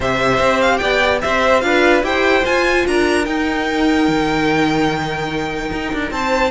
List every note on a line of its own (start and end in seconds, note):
0.00 0.39 C3
0.00 1.61 G4
0.00 0.79 C5
0.00 0.61 E5
0.39 0.79 C4
0.61 0.77 F5
0.77 1.22 B3
0.77 1.20 D5
0.77 1.18 G5
1.21 1.63 C4
1.21 1.64 C5
1.21 1.60 E5
1.60 2.02 D4
1.60 2.01 F4
1.60 2.05 B4
1.60 2.01 F5
2.01 2.43 E4
2.01 2.42 G4
2.01 2.87 C5
2.01 2.45 G5
2.44 3.25 F4
2.44 2.86 F4
2.44 2.86 G#5
2.86 3.27 D4
2.86 6.12 A#4
2.86 3.25 A#5
3.25 6.51 D#4
3.25 4.07 D#4
3.25 6.10 G5
4.07 5.71 D#3
5.72 5.93 D#4
5.93 6.10 D4
6.10 6.51 C4
6.10 6.51 C5
6.10 6.51 A5